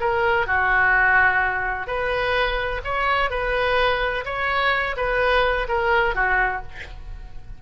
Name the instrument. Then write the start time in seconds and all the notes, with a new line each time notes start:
oboe
0.00 A#4
0.47 F#4
1.87 B4
2.84 C#5
3.30 B4
4.25 C#5
4.96 B4
5.68 A#4
6.15 F#4